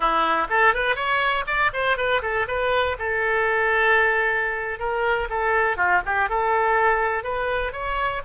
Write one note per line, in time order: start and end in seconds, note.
0.00 0.47 E4
0.49 0.74 A4
0.74 0.95 B4
0.95 1.44 C#5
1.46 1.71 D5
1.73 1.97 C5
1.97 2.21 B4
2.22 2.46 A4
2.47 2.96 B4
2.98 4.79 A4
4.79 5.28 A#4
5.29 5.76 A4
5.76 6.01 F4
6.05 6.29 G4
6.29 7.23 A4
7.23 7.72 B4
7.72 8.21 C#5